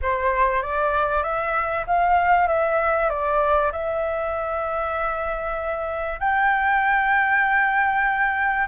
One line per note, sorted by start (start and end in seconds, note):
0.02 0.62 C5
0.62 1.23 D5
1.23 1.85 E5
1.86 2.47 F5
2.47 3.09 E5
3.09 3.71 D5
3.72 6.19 E5
6.19 8.67 G5